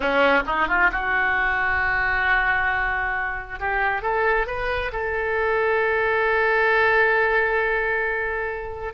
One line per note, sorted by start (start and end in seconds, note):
0.00 0.42 C#4
0.46 0.68 D#4
0.68 0.90 F4
0.92 3.59 F#4
3.59 4.02 G4
4.02 4.46 A4
4.46 4.91 B4
4.92 8.93 A4